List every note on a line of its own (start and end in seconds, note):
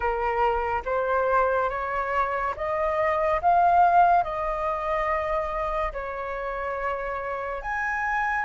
0.00 0.82 A#4
0.85 1.69 C5
1.69 2.54 C#5
2.56 3.40 D#5
3.41 4.23 F5
4.23 5.92 D#5
5.92 7.61 C#5
7.61 8.45 G#5